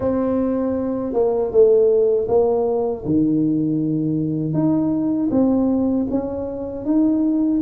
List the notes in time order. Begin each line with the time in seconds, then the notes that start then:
0.00 C4
1.13 A#3
1.51 A3
2.28 A#3
3.05 D#3
4.53 D#4
5.31 C4
6.10 C#4
6.85 D#4